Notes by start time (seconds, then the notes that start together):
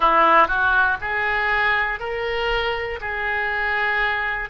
0.00 E4
0.47 F#4
1.00 G#4
2.00 A#4
3.00 G#4